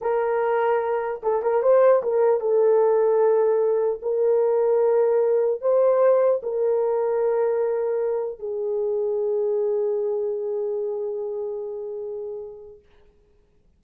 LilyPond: \new Staff \with { instrumentName = "horn" } { \time 4/4 \tempo 4 = 150 ais'2. a'8 ais'8 | c''4 ais'4 a'2~ | a'2 ais'2~ | ais'2 c''2 |
ais'1~ | ais'4 gis'2.~ | gis'1~ | gis'1 | }